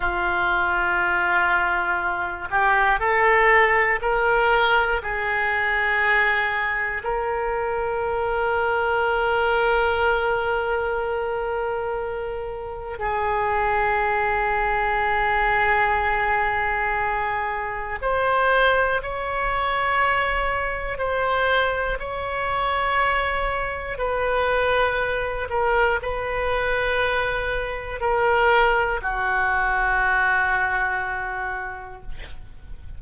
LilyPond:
\new Staff \with { instrumentName = "oboe" } { \time 4/4 \tempo 4 = 60 f'2~ f'8 g'8 a'4 | ais'4 gis'2 ais'4~ | ais'1~ | ais'4 gis'2.~ |
gis'2 c''4 cis''4~ | cis''4 c''4 cis''2 | b'4. ais'8 b'2 | ais'4 fis'2. | }